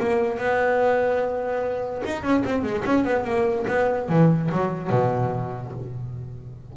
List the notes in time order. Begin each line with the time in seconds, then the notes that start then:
0.00 A#3
0.38 B3
2.06 D#4
2.23 C#4
2.45 C4
2.63 G#3
2.85 C#4
3.05 B3
3.25 A#3
3.68 B3
4.09 E3
4.52 F#3
4.90 B2